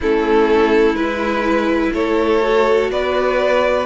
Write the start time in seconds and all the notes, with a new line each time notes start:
0.00 A3 C#4 E4 A4
0.94 G#3 E4 B4
1.93 A3 A4 C#5
2.41 F#4
2.90 B3 B4 D5